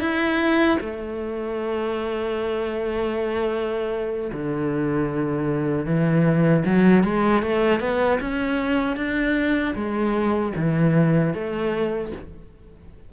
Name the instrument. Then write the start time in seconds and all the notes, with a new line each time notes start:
cello
0.00 E4
0.80 A3
4.33 D3
5.85 E3
6.65 F#3
7.03 G#3
7.42 A3
7.80 B3
8.20 C#4
8.96 D4
9.75 G#3
10.56 E3
11.34 A3